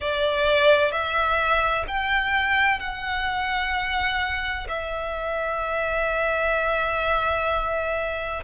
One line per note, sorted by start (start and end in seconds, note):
0.00 0.91 D5
0.91 1.85 E5
1.87 2.79 G5
2.79 4.67 F#5
4.68 8.43 E5